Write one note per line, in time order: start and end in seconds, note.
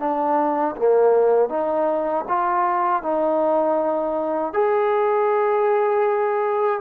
0.00 0.76 D4
0.77 1.49 A#3
1.49 2.25 D#4
2.29 3.03 F4
3.03 4.54 D#4
4.54 6.81 G#4